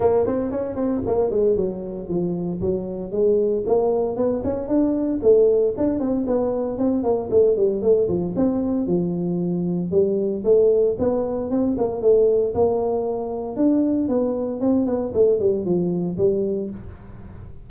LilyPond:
\new Staff \with { instrumentName = "tuba" } { \time 4/4 \tempo 4 = 115 ais8 c'8 cis'8 c'8 ais8 gis8 fis4 | f4 fis4 gis4 ais4 | b8 cis'8 d'4 a4 d'8 c'8 | b4 c'8 ais8 a8 g8 a8 f8 |
c'4 f2 g4 | a4 b4 c'8 ais8 a4 | ais2 d'4 b4 | c'8 b8 a8 g8 f4 g4 | }